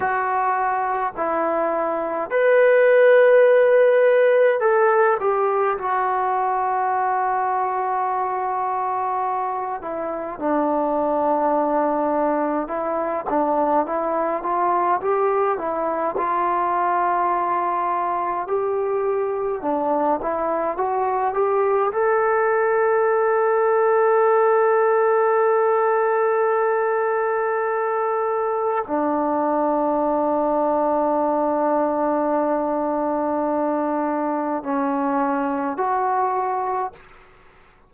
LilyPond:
\new Staff \with { instrumentName = "trombone" } { \time 4/4 \tempo 4 = 52 fis'4 e'4 b'2 | a'8 g'8 fis'2.~ | fis'8 e'8 d'2 e'8 d'8 | e'8 f'8 g'8 e'8 f'2 |
g'4 d'8 e'8 fis'8 g'8 a'4~ | a'1~ | a'4 d'2.~ | d'2 cis'4 fis'4 | }